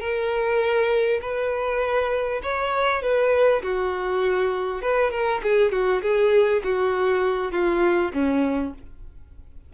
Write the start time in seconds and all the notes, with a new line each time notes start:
0.00 A#4
1.21 B4
2.43 C#5
3.02 B4
3.63 F#4
4.82 B4
5.11 A#4
5.43 G#4
5.72 F#4
6.02 G#4
6.64 F#4
7.52 F4
8.14 C#4